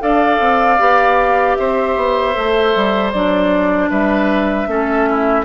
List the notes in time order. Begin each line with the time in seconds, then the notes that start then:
0.00 D4 A4 D5 F5
0.40 C4
0.79 B3 G4
1.56 C4 C5 E5
1.97 B3
2.35 A3 A4
2.76 G3
3.12 F#3 D4 D5
3.90 G3 B4 E5
4.67 A3 C#4 A4
5.10 E4